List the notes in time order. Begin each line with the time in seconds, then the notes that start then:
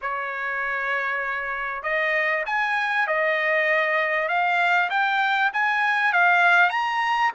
0.01 C#5
1.83 D#5
2.45 G#5
3.07 D#5
4.28 F5
4.90 G5
5.53 G#5
6.13 F5
6.70 A#5